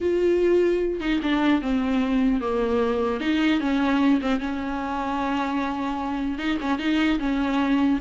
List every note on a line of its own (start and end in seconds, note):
0.01 1.00 F4
1.00 1.20 D#4
1.22 1.61 D4
1.61 2.41 C4
2.41 3.20 A#3
3.20 3.60 D#4
3.60 4.20 C#4
4.21 4.39 C4
4.39 6.38 C#4
6.38 6.58 D#4
6.61 6.79 C#4
6.79 7.19 D#4
7.19 7.99 C#4